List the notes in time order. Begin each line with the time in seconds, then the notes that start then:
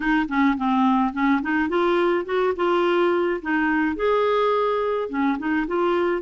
0.00 D#4
0.28 C#4
0.57 C4
1.13 C#4
1.42 D#4
1.69 F4
2.25 F#4
2.56 F4
3.41 D#4
3.96 G#4
5.09 C#4
5.38 D#4
5.67 F4